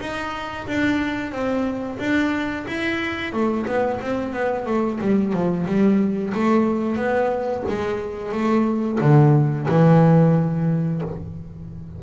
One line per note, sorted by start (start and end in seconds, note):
0.00 0.67 D#4
0.67 1.32 D4
1.32 1.98 C4
1.99 2.65 D4
2.68 3.33 E4
3.33 3.66 A3
3.66 4.00 B3
4.01 4.33 C4
4.33 4.66 B3
4.66 4.99 A3
5.01 5.33 G3
5.33 5.66 F3
5.66 6.33 G3
6.34 6.96 A3
6.96 7.63 B3
7.68 8.32 G#3
8.32 8.99 A3
9.01 9.67 D3
9.68 11.02 E3